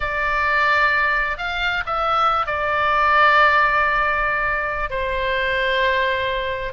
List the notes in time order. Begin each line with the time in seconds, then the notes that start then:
0.00 D5
1.37 F5
1.86 E5
2.46 D5
4.90 C5